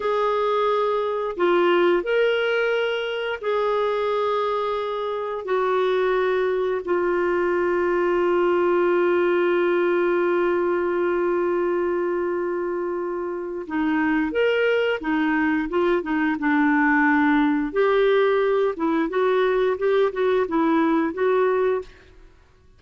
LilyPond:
\new Staff \with { instrumentName = "clarinet" } { \time 4/4 \tempo 4 = 88 gis'2 f'4 ais'4~ | ais'4 gis'2. | fis'2 f'2~ | f'1~ |
f'1 | dis'4 ais'4 dis'4 f'8 dis'8 | d'2 g'4. e'8 | fis'4 g'8 fis'8 e'4 fis'4 | }